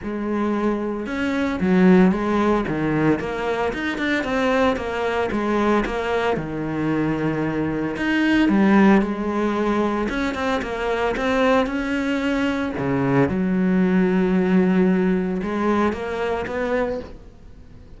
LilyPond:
\new Staff \with { instrumentName = "cello" } { \time 4/4 \tempo 4 = 113 gis2 cis'4 fis4 | gis4 dis4 ais4 dis'8 d'8 | c'4 ais4 gis4 ais4 | dis2. dis'4 |
g4 gis2 cis'8 c'8 | ais4 c'4 cis'2 | cis4 fis2.~ | fis4 gis4 ais4 b4 | }